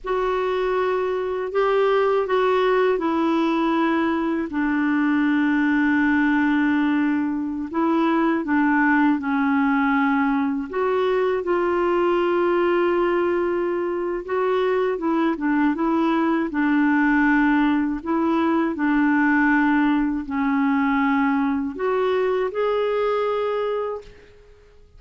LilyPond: \new Staff \with { instrumentName = "clarinet" } { \time 4/4 \tempo 4 = 80 fis'2 g'4 fis'4 | e'2 d'2~ | d'2~ d'16 e'4 d'8.~ | d'16 cis'2 fis'4 f'8.~ |
f'2. fis'4 | e'8 d'8 e'4 d'2 | e'4 d'2 cis'4~ | cis'4 fis'4 gis'2 | }